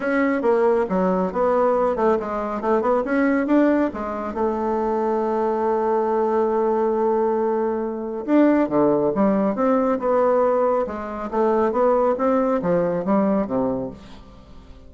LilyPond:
\new Staff \with { instrumentName = "bassoon" } { \time 4/4 \tempo 4 = 138 cis'4 ais4 fis4 b4~ | b8 a8 gis4 a8 b8 cis'4 | d'4 gis4 a2~ | a1~ |
a2. d'4 | d4 g4 c'4 b4~ | b4 gis4 a4 b4 | c'4 f4 g4 c4 | }